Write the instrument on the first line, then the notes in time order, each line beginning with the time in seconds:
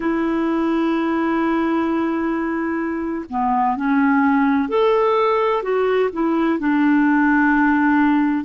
clarinet
0.00 E4
3.29 B3
3.76 C#4
4.69 A4
5.62 F#4
6.12 E4
6.59 D4